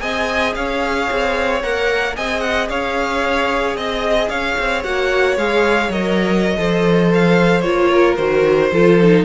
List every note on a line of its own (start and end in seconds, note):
0.00 0.56 C4
0.00 1.61 G#4
0.00 0.56 D#5
0.00 0.54 G#5
0.55 1.09 C#4
0.55 2.16 C#5
0.55 1.62 F5
1.11 1.64 C4
1.62 2.17 A#3
1.62 2.16 A#4
1.62 2.16 F#5
2.16 2.69 C4
2.16 4.84 G#4
2.16 2.69 D#5
2.16 2.40 G#5
2.40 2.67 F#5
2.69 3.76 C#4
2.69 3.77 C#5
2.69 3.76 F5
3.76 4.29 C4
3.76 4.29 D#5
4.29 4.56 C#4
4.29 6.57 C#5
4.29 4.82 F5
4.58 4.85 C4
4.84 5.37 A#3
4.84 5.38 F#4
4.84 5.37 F#5
5.37 5.89 G#3
5.37 5.91 G#4
5.37 5.92 F5
5.89 6.56 F#3
5.89 6.57 A#4
5.89 7.12 D#5
6.57 7.66 F3
6.57 7.64 A4
6.57 7.91 C5
7.14 7.61 F5
7.61 8.18 A#3
7.61 8.18 F4
7.61 8.15 C#5
7.91 8.71 A#4
8.16 8.71 D#3
8.16 8.72 F#4
8.16 9.23 C5
8.72 9.25 F3
8.72 9.01 F4
8.72 9.25 A4
9.02 9.25 D#4